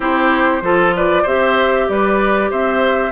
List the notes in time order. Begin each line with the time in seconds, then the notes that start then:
0.00 C4 E4 G4 C5
0.61 F3 F4 A4
0.96 B4 D5
1.22 C4 G4 C5 E5
1.88 G3 B4 D5
2.50 C4 C5 E5